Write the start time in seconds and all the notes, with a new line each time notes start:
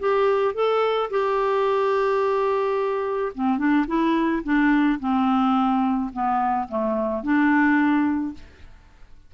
0.00 G4
0.55 A4
1.11 G4
3.35 C4
3.58 D4
3.88 E4
4.44 D4
5.00 C4
6.13 B3
6.69 A3
7.23 D4